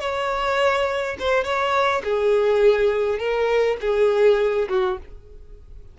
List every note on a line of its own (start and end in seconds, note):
0.00 1.17 C#5
1.19 1.44 C5
1.44 2.02 C#5
2.04 3.19 G#4
3.19 3.77 A#4
3.81 4.68 G#4
4.69 4.98 F#4